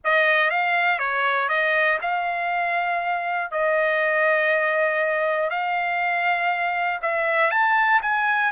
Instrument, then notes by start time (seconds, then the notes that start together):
trumpet
0.04 D#5
0.50 F5
0.98 C#5
1.48 D#5
2.01 F5
3.51 D#5
5.50 F5
7.02 E5
7.50 A5
8.01 G#5